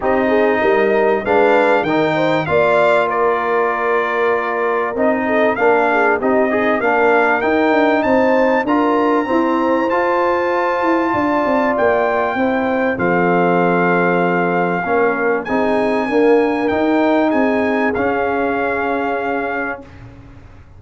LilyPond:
<<
  \new Staff \with { instrumentName = "trumpet" } { \time 4/4 \tempo 4 = 97 dis''2 f''4 g''4 | f''4 d''2. | dis''4 f''4 dis''4 f''4 | g''4 a''4 ais''2 |
a''2. g''4~ | g''4 f''2.~ | f''4 gis''2 g''4 | gis''4 f''2. | }
  \new Staff \with { instrumentName = "horn" } { \time 4/4 g'8 gis'8 ais'4 b'4 ais'8 c''8 | d''4 ais'2.~ | ais'8 a'8 ais'8 gis'8 g'8 dis'8 ais'4~ | ais'4 c''4 ais'4 c''4~ |
c''2 d''2 | c''4 a'2. | ais'4 gis'4 ais'2 | gis'1 | }
  \new Staff \with { instrumentName = "trombone" } { \time 4/4 dis'2 d'4 dis'4 | f'1 | dis'4 d'4 dis'8 gis'8 d'4 | dis'2 f'4 c'4 |
f'1 | e'4 c'2. | cis'4 dis'4 ais4 dis'4~ | dis'4 cis'2. | }
  \new Staff \with { instrumentName = "tuba" } { \time 4/4 c'4 g4 gis4 dis4 | ais1 | c'4 ais4 c'4 ais4 | dis'8 d'8 c'4 d'4 e'4 |
f'4. e'8 d'8 c'8 ais4 | c'4 f2. | ais4 c'4 d'4 dis'4 | c'4 cis'2. | }
>>